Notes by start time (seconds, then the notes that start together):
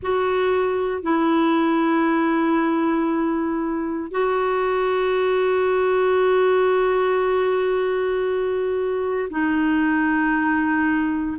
0.02 F#4
1.02 E4
4.11 F#4
9.30 D#4